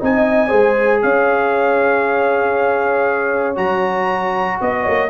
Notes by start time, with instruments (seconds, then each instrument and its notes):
0.00 tuba C4, trombone D#4, horn D#5, trumpet G#5
0.49 tuba G#3, trombone G#4, horn C5
1.02 tuba C#4, horn C#5, trumpet F5
3.56 tuba F#3, trombone F#4, trumpet A#5
4.61 tuba B3, trumpet D#5, horn D#5
4.84 tuba A#3, horn C#5